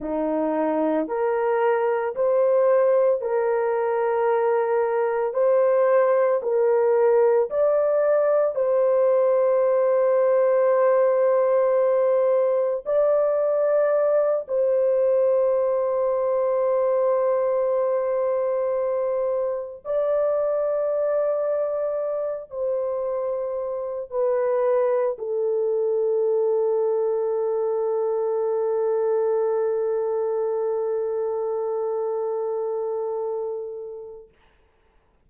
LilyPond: \new Staff \with { instrumentName = "horn" } { \time 4/4 \tempo 4 = 56 dis'4 ais'4 c''4 ais'4~ | ais'4 c''4 ais'4 d''4 | c''1 | d''4. c''2~ c''8~ |
c''2~ c''8 d''4.~ | d''4 c''4. b'4 a'8~ | a'1~ | a'1 | }